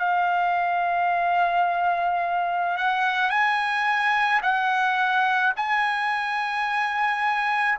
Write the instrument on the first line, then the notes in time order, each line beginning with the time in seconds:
trumpet
0.00 F5
2.78 F#5
3.30 G#5
4.43 F#5
5.57 G#5